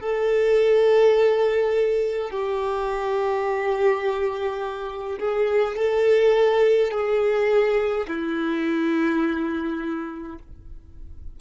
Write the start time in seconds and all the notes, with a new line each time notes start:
0.00 A4
2.30 G4
5.19 G#4
5.76 A4
6.91 G#4
8.07 E4